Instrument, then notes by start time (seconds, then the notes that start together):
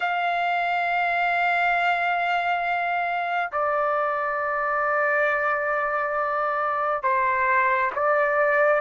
trumpet
0.00 F5
3.52 D5
7.02 C5
7.95 D5